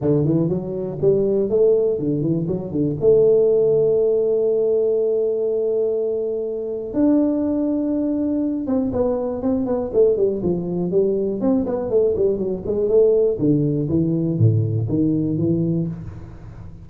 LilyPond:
\new Staff \with { instrumentName = "tuba" } { \time 4/4 \tempo 4 = 121 d8 e8 fis4 g4 a4 | d8 e8 fis8 d8 a2~ | a1~ | a2 d'2~ |
d'4. c'8 b4 c'8 b8 | a8 g8 f4 g4 c'8 b8 | a8 g8 fis8 gis8 a4 d4 | e4 a,4 dis4 e4 | }